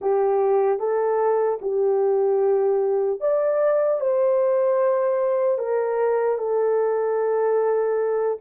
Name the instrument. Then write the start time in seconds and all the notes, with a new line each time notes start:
horn
0.01 G4
0.79 A4
1.61 G4
3.20 D5
4.00 C5
5.58 A#4
6.37 A4